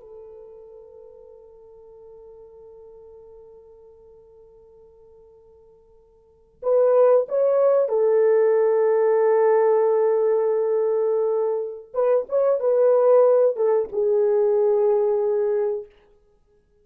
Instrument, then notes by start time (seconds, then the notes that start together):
horn
0.00 A4
6.62 B4
7.28 C#5
7.88 A4
11.94 B4
12.29 C#5
12.60 B4
13.56 A4
13.92 G#4